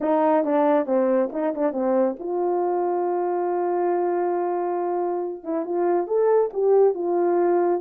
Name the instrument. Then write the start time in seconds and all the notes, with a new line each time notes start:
horn
0.01 D#4
0.44 D4
0.86 C4
1.32 D#4
1.54 D4
1.72 C4
2.19 F4
5.43 E4
5.65 F4
6.07 A4
6.53 G4
6.94 F4